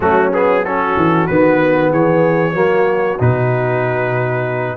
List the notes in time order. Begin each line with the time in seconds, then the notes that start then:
0.00 F#3 A3 C#4 F#4
0.33 B3 G#4
0.62 C#4 F#4 A4
0.96 E3
1.26 D#3 B3 B4
1.89 E3 G#4 C#5
2.54 F#3 A#3 F#4
3.19 B2 D#4 B4